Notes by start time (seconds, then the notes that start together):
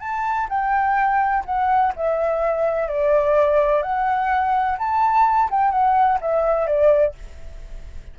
0.00 A5
0.49 G5
1.45 F#5
1.96 E5
2.88 D5
3.82 F#5
4.78 A5
5.51 G5
5.71 F#5
6.21 E5
6.67 D5